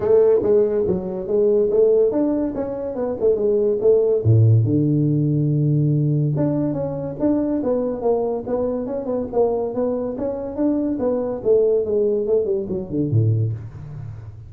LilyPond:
\new Staff \with { instrumentName = "tuba" } { \time 4/4 \tempo 4 = 142 a4 gis4 fis4 gis4 | a4 d'4 cis'4 b8 a8 | gis4 a4 a,4 d4~ | d2. d'4 |
cis'4 d'4 b4 ais4 | b4 cis'8 b8 ais4 b4 | cis'4 d'4 b4 a4 | gis4 a8 g8 fis8 d8 a,4 | }